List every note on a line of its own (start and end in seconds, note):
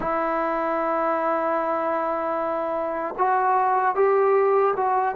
0.00 3.14 E4
3.18 3.95 F#4
3.95 4.74 G4
4.76 5.15 F#4